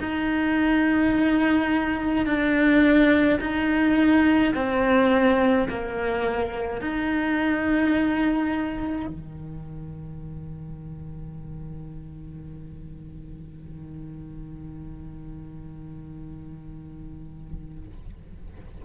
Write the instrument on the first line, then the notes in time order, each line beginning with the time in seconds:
cello
0.00 D#4
2.26 D4
3.41 D#4
4.55 C4
5.69 A#3
6.81 D#4
9.07 D#3